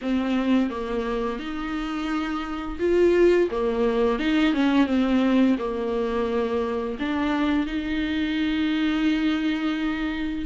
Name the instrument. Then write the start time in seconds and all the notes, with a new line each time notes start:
viola
0.01 C4
0.70 A#3
1.39 D#4
2.79 F4
3.50 A#3
4.19 D#4
4.53 C#4
4.86 C4
5.58 A#3
6.99 D4
7.66 D#4